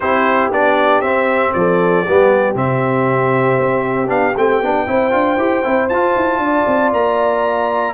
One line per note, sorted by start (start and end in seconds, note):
0.00 0.50 C4
0.00 0.52 E4
0.00 1.53 G4
0.00 0.51 C5
0.50 1.01 B3
0.50 1.03 D4
0.50 1.01 D5
1.01 1.52 C4
1.01 2.05 C4
1.01 1.52 E5
1.53 2.06 F3
1.53 2.05 A4
1.53 2.55 D5
2.05 2.55 G3
2.05 2.55 B3
2.05 4.87 G4
2.55 3.57 C3
2.55 4.07 C4
2.55 4.09 E5
3.59 4.08 C4
4.07 4.34 B3
4.07 4.33 D4
4.07 4.35 F5
4.36 4.61 A3
4.36 4.62 C4
4.36 5.88 G5
4.61 4.87 B3
4.61 4.86 D4
4.86 5.13 C4
4.86 5.10 E4
4.86 6.43 C5
5.10 5.37 D4
5.10 5.36 F4
5.37 5.62 E4
5.37 5.63 G4
5.63 5.89 C4
5.63 5.89 E4
5.88 6.15 F4
5.88 7.94 F4
5.88 6.91 A5
6.16 6.38 E4
6.38 6.63 D4
6.38 7.94 D5
6.66 6.92 C4
6.92 7.94 A#3
6.92 7.94 A#5